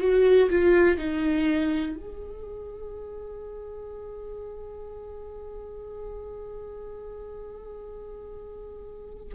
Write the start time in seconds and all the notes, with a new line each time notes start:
0.00 F#4
0.50 F4
0.97 D#4
1.96 G#4